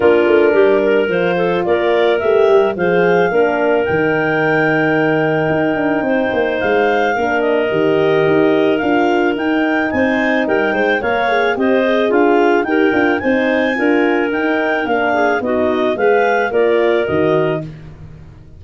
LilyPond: <<
  \new Staff \with { instrumentName = "clarinet" } { \time 4/4 \tempo 4 = 109 ais'2 c''4 d''4 | e''4 f''2 g''4~ | g''1 | f''4. dis''2~ dis''8 |
f''4 g''4 gis''4 g''4 | f''4 dis''4 f''4 g''4 | gis''2 g''4 f''4 | dis''4 f''4 d''4 dis''4 | }
  \new Staff \with { instrumentName = "clarinet" } { \time 4/4 f'4 g'8 ais'4 a'8 ais'4~ | ais'4 c''4 ais'2~ | ais'2. c''4~ | c''4 ais'2.~ |
ais'2 c''4 ais'8 c''8 | cis''4 c''4 f'4 ais'4 | c''4 ais'2~ ais'8 gis'8 | fis'4 b'4 ais'2 | }
  \new Staff \with { instrumentName = "horn" } { \time 4/4 d'2 f'2 | g'4 gis'4 d'4 dis'4~ | dis'1~ | dis'4 d'4 g'2 |
f'4 dis'2. | ais'8 gis'8 g'8 gis'4. g'8 f'8 | dis'4 f'4 dis'4 d'4 | dis'4 gis'4 f'4 fis'4 | }
  \new Staff \with { instrumentName = "tuba" } { \time 4/4 ais8 a8 g4 f4 ais4 | a8 g8 f4 ais4 dis4~ | dis2 dis'8 d'8 c'8 ais8 | gis4 ais4 dis4 dis'4 |
d'4 dis'4 c'4 g8 gis8 | ais4 c'4 d'4 dis'8 d'8 | c'4 d'4 dis'4 ais4 | b4 gis4 ais4 dis4 | }
>>